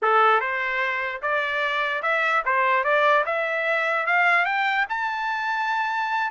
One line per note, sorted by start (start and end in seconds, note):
0.02 0.40 A4
0.40 1.21 C5
1.22 2.02 D5
2.02 2.42 E5
2.45 2.83 C5
2.83 3.24 D5
3.25 4.06 E5
4.06 4.45 F5
4.45 4.85 G5
4.89 6.30 A5